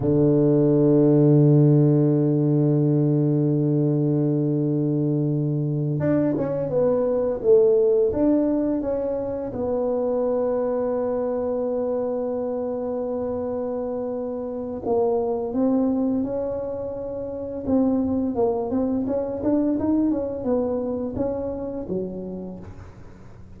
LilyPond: \new Staff \with { instrumentName = "tuba" } { \time 4/4 \tempo 4 = 85 d1~ | d1~ | d8 d'8 cis'8 b4 a4 d'8~ | d'8 cis'4 b2~ b8~ |
b1~ | b4 ais4 c'4 cis'4~ | cis'4 c'4 ais8 c'8 cis'8 d'8 | dis'8 cis'8 b4 cis'4 fis4 | }